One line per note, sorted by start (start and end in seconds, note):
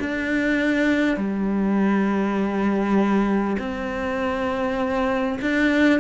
0.00 1.17 D4
1.17 3.57 G3
3.59 5.39 C4
5.42 6.01 D4